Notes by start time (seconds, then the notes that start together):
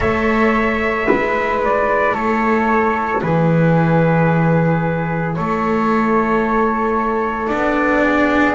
0.00 A3 A4 C#5 E5
1.06 G#3 E4 B4
1.64 D5
2.13 A3 A4 C#5
3.21 E3 G#4 B4
5.34 A3 A4 C#5
7.48 B3 D4 D5
8.03 G#4